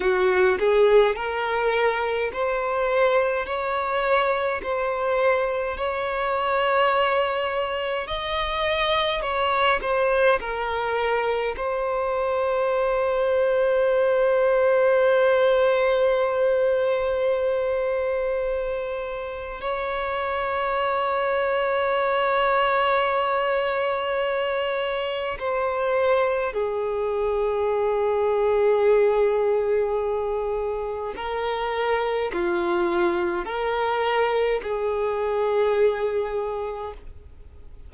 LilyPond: \new Staff \with { instrumentName = "violin" } { \time 4/4 \tempo 4 = 52 fis'8 gis'8 ais'4 c''4 cis''4 | c''4 cis''2 dis''4 | cis''8 c''8 ais'4 c''2~ | c''1~ |
c''4 cis''2.~ | cis''2 c''4 gis'4~ | gis'2. ais'4 | f'4 ais'4 gis'2 | }